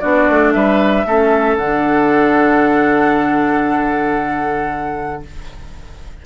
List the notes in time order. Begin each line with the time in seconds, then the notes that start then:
0.00 B3 D4 F#4 D5
0.29 A3
0.53 G3 B4 E5
1.05 A3 C#4 A4
1.57 D3 D4 F#5